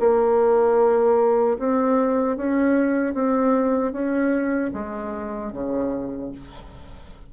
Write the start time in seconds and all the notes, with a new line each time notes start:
0.00 A#3
1.59 C4
2.37 C#4
3.14 C4
3.93 C#4
4.73 G#3
5.53 C#3